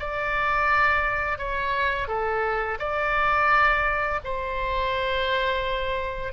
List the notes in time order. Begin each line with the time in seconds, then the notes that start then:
0.00 D5
1.39 C#5
2.08 A4
2.80 D5
4.25 C5